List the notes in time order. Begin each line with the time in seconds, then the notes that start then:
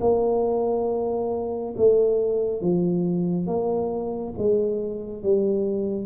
0.00 A#3
1.76 A3
2.60 F3
3.47 A#3
4.38 G#3
5.23 G3